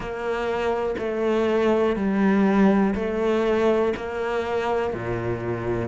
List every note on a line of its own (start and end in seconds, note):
0.00 0.95 A#3
0.98 1.96 A3
1.96 2.94 G3
2.95 3.93 A3
3.96 4.93 A#3
4.93 5.88 A#2